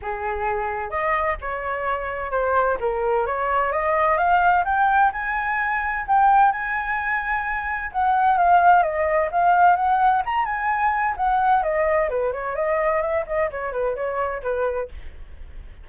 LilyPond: \new Staff \with { instrumentName = "flute" } { \time 4/4 \tempo 4 = 129 gis'2 dis''4 cis''4~ | cis''4 c''4 ais'4 cis''4 | dis''4 f''4 g''4 gis''4~ | gis''4 g''4 gis''2~ |
gis''4 fis''4 f''4 dis''4 | f''4 fis''4 ais''8 gis''4. | fis''4 dis''4 b'8 cis''8 dis''4 | e''8 dis''8 cis''8 b'8 cis''4 b'4 | }